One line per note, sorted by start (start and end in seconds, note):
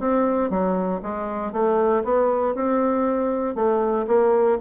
0.00 0.50 C4
0.50 1.01 F#3
1.03 1.53 G#3
1.53 2.04 A3
2.04 2.55 B3
2.55 3.55 C4
3.55 4.06 A3
4.08 4.59 A#3